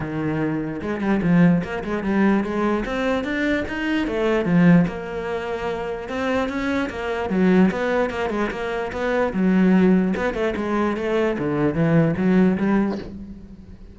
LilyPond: \new Staff \with { instrumentName = "cello" } { \time 4/4 \tempo 4 = 148 dis2 gis8 g8 f4 | ais8 gis8 g4 gis4 c'4 | d'4 dis'4 a4 f4 | ais2. c'4 |
cis'4 ais4 fis4 b4 | ais8 gis8 ais4 b4 fis4~ | fis4 b8 a8 gis4 a4 | d4 e4 fis4 g4 | }